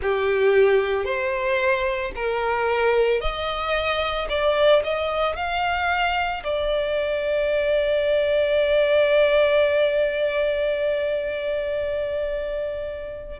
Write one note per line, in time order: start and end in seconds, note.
0.01 1.05 G4
1.05 2.12 C5
2.15 3.20 A#4
3.20 4.28 D#5
4.29 4.82 D5
4.83 5.36 D#5
5.36 6.43 F5
6.43 13.39 D5